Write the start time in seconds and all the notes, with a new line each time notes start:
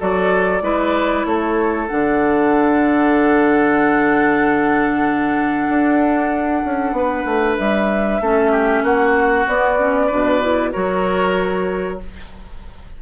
0.00 F#3 F#4 A4 D5
0.62 G#3 E4 B4
1.26 A3 A4 C#5
1.87 D3 D4 F#5
5.69 D4
6.65 C#4
6.92 B3 B4
7.26 A3
7.59 G3 E5
8.21 A3 C#4 A4
8.52 G4
8.83 A#3 F#4 F#5
9.48 B3 D5
9.79 C#4
10.07 B2 D4 B4
10.42 E4
10.73 F#3 F#4 A#4 C#5